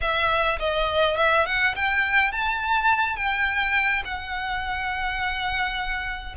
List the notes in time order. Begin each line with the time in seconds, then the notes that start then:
0.01 E5
0.59 D#5
1.17 E5
1.46 F#5
1.75 G5
2.32 A5
3.16 G5
4.04 F#5